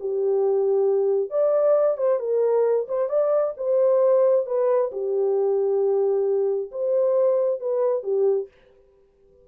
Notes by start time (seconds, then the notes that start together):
0.00 G4
1.30 D5
1.97 C5
2.20 A#4
2.88 C5
3.09 D5
3.57 C5
4.46 B4
4.92 G4
6.71 C5
7.60 B4
8.03 G4